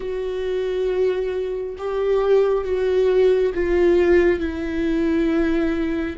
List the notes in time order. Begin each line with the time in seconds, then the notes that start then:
0.00 F#4
1.78 G4
2.64 F#4
3.54 F4
4.39 E4